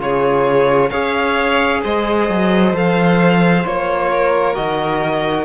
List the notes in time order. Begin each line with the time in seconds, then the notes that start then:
0.00 C#3 F4 G#4 C#5
0.90 C#4 G#4 C#5 F5
1.83 G#3 C5 D#5
2.29 F#3
2.73 F3 A4 F5
3.64 A#3 F4 C#5
4.12 A#4
4.55 D#3 F#4 D#5